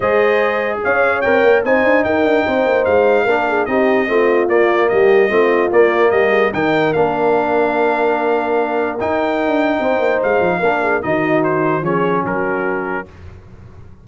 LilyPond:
<<
  \new Staff \with { instrumentName = "trumpet" } { \time 4/4 \tempo 4 = 147 dis''2 f''4 g''4 | gis''4 g''2 f''4~ | f''4 dis''2 d''4 | dis''2 d''4 dis''4 |
g''4 f''2.~ | f''2 g''2~ | g''4 f''2 dis''4 | c''4 cis''4 ais'2 | }
  \new Staff \with { instrumentName = "horn" } { \time 4/4 c''2 cis''2 | c''4 ais'4 c''2 | ais'8 gis'8 g'4 f'2 | g'4 f'2 g'8 gis'8 |
ais'1~ | ais'1 | c''2 ais'8 gis'8 fis'4~ | fis'4 gis'4 fis'2 | }
  \new Staff \with { instrumentName = "trombone" } { \time 4/4 gis'2. ais'4 | dis'1 | d'4 dis'4 c'4 ais4~ | ais4 c'4 ais2 |
dis'4 d'2.~ | d'2 dis'2~ | dis'2 d'4 dis'4~ | dis'4 cis'2. | }
  \new Staff \with { instrumentName = "tuba" } { \time 4/4 gis2 cis'4 c'8 ais8 | c'8 d'8 dis'8 d'8 c'8 ais8 gis4 | ais4 c'4 a4 ais4 | g4 a4 ais4 g4 |
dis4 ais2.~ | ais2 dis'4~ dis'16 d'8. | c'8 ais8 gis8 f8 ais4 dis4~ | dis4 f4 fis2 | }
>>